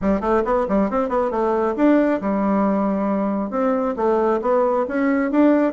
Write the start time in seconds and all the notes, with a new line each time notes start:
0.01 G3
0.20 A3
0.44 B3
0.68 G3
0.90 C4
1.08 B3
1.30 A3
1.76 D4
2.21 G3
3.50 C4
3.96 A3
4.41 B3
4.88 C#4
5.31 D4